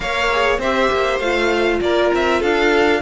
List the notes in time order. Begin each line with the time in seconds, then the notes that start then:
0.00 A#3 A#4 C#5 F5
0.31 G#4
0.58 C4 G4 C5 E5
0.91 A#3
1.19 A3 F4 F5
1.81 A#3 A#4 D5
2.13 C4 E5
2.40 D4 A4 F5